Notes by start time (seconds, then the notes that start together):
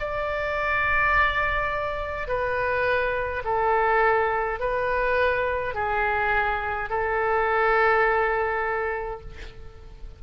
0.00 D5
2.28 B4
3.45 A4
4.60 B4
5.75 G#4
6.90 A4